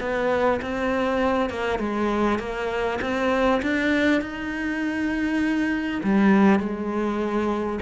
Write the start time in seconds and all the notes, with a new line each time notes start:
0.00 B3
0.61 C4
1.49 A#3
1.79 G#3
2.39 A#3
3.01 C4
3.62 D4
4.21 D#4
6.03 G3
6.59 G#3